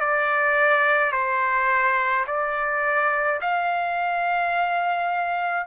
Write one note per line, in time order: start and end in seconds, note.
0.00 1.12 D5
1.12 2.25 C5
2.27 3.40 D5
3.41 5.67 F5